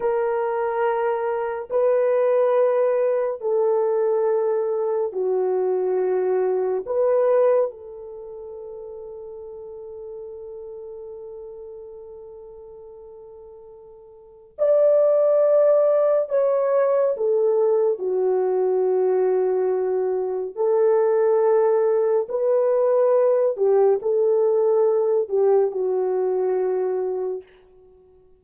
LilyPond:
\new Staff \with { instrumentName = "horn" } { \time 4/4 \tempo 4 = 70 ais'2 b'2 | a'2 fis'2 | b'4 a'2.~ | a'1~ |
a'4 d''2 cis''4 | a'4 fis'2. | a'2 b'4. g'8 | a'4. g'8 fis'2 | }